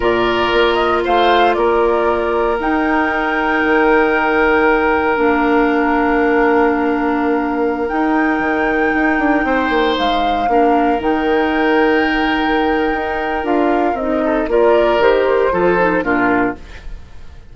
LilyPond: <<
  \new Staff \with { instrumentName = "flute" } { \time 4/4 \tempo 4 = 116 d''4. dis''8 f''4 d''4~ | d''4 g''2.~ | g''2 f''2~ | f''2.~ f''16 g''8.~ |
g''2.~ g''16 f''8.~ | f''4~ f''16 g''2~ g''8.~ | g''2 f''4 dis''4 | d''4 c''2 ais'4 | }
  \new Staff \with { instrumentName = "oboe" } { \time 4/4 ais'2 c''4 ais'4~ | ais'1~ | ais'1~ | ais'1~ |
ais'2~ ais'16 c''4.~ c''16~ | c''16 ais'2.~ ais'8.~ | ais'2.~ ais'8 a'8 | ais'2 a'4 f'4 | }
  \new Staff \with { instrumentName = "clarinet" } { \time 4/4 f'1~ | f'4 dis'2.~ | dis'2 d'2~ | d'2.~ d'16 dis'8.~ |
dis'1~ | dis'16 d'4 dis'2~ dis'8.~ | dis'2 f'4 dis'4 | f'4 g'4 f'8 dis'8 d'4 | }
  \new Staff \with { instrumentName = "bassoon" } { \time 4/4 ais,4 ais4 a4 ais4~ | ais4 dis'2 dis4~ | dis2 ais2~ | ais2.~ ais16 dis'8.~ |
dis'16 dis4 dis'8 d'8 c'8 ais8 gis8.~ | gis16 ais4 dis2~ dis8.~ | dis4 dis'4 d'4 c'4 | ais4 dis4 f4 ais,4 | }
>>